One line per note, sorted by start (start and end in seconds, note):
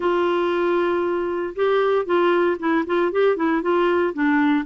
0.00 1.54 F4
1.55 2.05 G4
2.05 2.57 F4
2.59 2.84 E4
2.86 3.12 F4
3.12 3.36 G4
3.36 3.62 E4
3.62 4.13 F4
4.13 4.65 D4